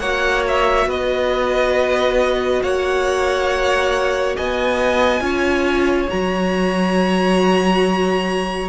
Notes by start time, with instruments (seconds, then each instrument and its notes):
0.00 cello A#3, viola F#4, violin C#5 F#5
0.48 violin E5
0.87 cello B3, violin B4 D#5
2.63 cello A#3, violin C#5 F#5
4.36 cello B3, violin D#5 G#5
5.21 cello C#4, viola F4, violin C#5
6.09 cello F#3, viola F#4, violin A#5